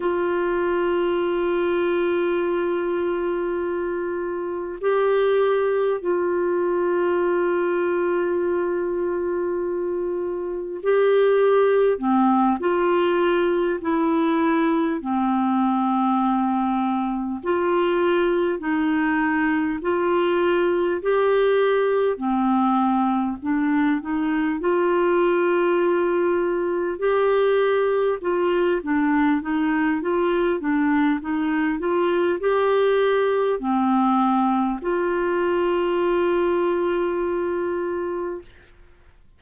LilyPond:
\new Staff \with { instrumentName = "clarinet" } { \time 4/4 \tempo 4 = 50 f'1 | g'4 f'2.~ | f'4 g'4 c'8 f'4 e'8~ | e'8 c'2 f'4 dis'8~ |
dis'8 f'4 g'4 c'4 d'8 | dis'8 f'2 g'4 f'8 | d'8 dis'8 f'8 d'8 dis'8 f'8 g'4 | c'4 f'2. | }